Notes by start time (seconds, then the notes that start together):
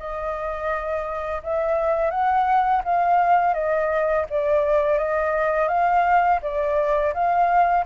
0.00 D#5
1.44 E5
2.11 F#5
2.85 F5
3.55 D#5
4.31 D5
4.99 D#5
5.69 F5
6.43 D5
7.14 F5